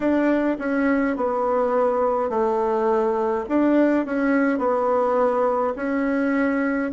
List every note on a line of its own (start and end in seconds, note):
0.00 0.57 D4
0.58 1.16 C#4
1.16 2.29 B3
2.29 3.45 A3
3.48 4.05 D4
4.05 4.58 C#4
4.58 5.73 B3
5.76 6.91 C#4